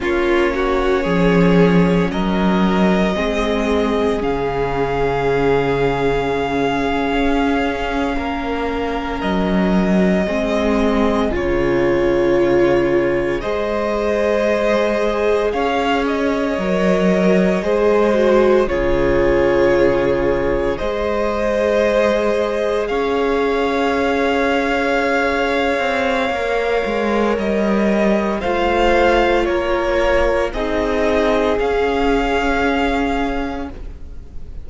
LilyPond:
<<
  \new Staff \with { instrumentName = "violin" } { \time 4/4 \tempo 4 = 57 cis''2 dis''2 | f''1~ | f''8. dis''2 cis''4~ cis''16~ | cis''8. dis''2 f''8 dis''8.~ |
dis''4.~ dis''16 cis''2 dis''16~ | dis''4.~ dis''16 f''2~ f''16~ | f''2 dis''4 f''4 | cis''4 dis''4 f''2 | }
  \new Staff \with { instrumentName = "violin" } { \time 4/4 f'8 fis'8 gis'4 ais'4 gis'4~ | gis'2.~ gis'8. ais'16~ | ais'4.~ ais'16 gis'2~ gis'16~ | gis'8. c''2 cis''4~ cis''16~ |
cis''8. c''4 gis'2 c''16~ | c''4.~ c''16 cis''2~ cis''16~ | cis''2. c''4 | ais'4 gis'2. | }
  \new Staff \with { instrumentName = "viola" } { \time 4/4 cis'2. c'4 | cis'1~ | cis'4.~ cis'16 c'4 f'4~ f'16~ | f'8. gis'2. ais'16~ |
ais'8. gis'8 fis'8 f'2 gis'16~ | gis'1~ | gis'4 ais'2 f'4~ | f'4 dis'4 cis'2 | }
  \new Staff \with { instrumentName = "cello" } { \time 4/4 ais4 f4 fis4 gis4 | cis2~ cis8. cis'4 ais16~ | ais8. fis4 gis4 cis4~ cis16~ | cis8. gis2 cis'4 fis16~ |
fis8. gis4 cis2 gis16~ | gis4.~ gis16 cis'2~ cis'16~ | cis'8 c'8 ais8 gis8 g4 a4 | ais4 c'4 cis'2 | }
>>